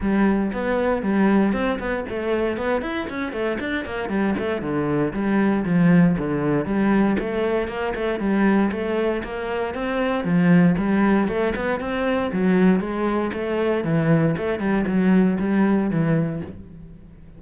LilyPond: \new Staff \with { instrumentName = "cello" } { \time 4/4 \tempo 4 = 117 g4 b4 g4 c'8 b8 | a4 b8 e'8 cis'8 a8 d'8 ais8 | g8 a8 d4 g4 f4 | d4 g4 a4 ais8 a8 |
g4 a4 ais4 c'4 | f4 g4 a8 b8 c'4 | fis4 gis4 a4 e4 | a8 g8 fis4 g4 e4 | }